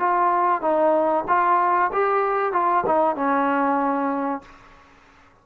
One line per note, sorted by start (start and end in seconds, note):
0.00 0.62 F4
0.62 1.25 D#4
1.29 1.92 F4
1.93 2.53 G4
2.53 2.85 F4
2.87 3.16 D#4
3.16 4.42 C#4